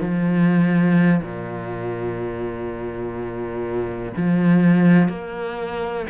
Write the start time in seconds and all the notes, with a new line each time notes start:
0.00 F3
1.21 A#2
4.17 F3
5.09 A#3